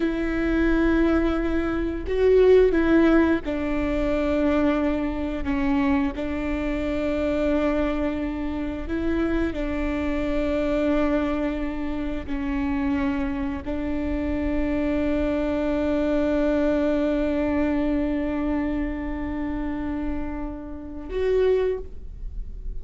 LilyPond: \new Staff \with { instrumentName = "viola" } { \time 4/4 \tempo 4 = 88 e'2. fis'4 | e'4 d'2. | cis'4 d'2.~ | d'4 e'4 d'2~ |
d'2 cis'2 | d'1~ | d'1~ | d'2. fis'4 | }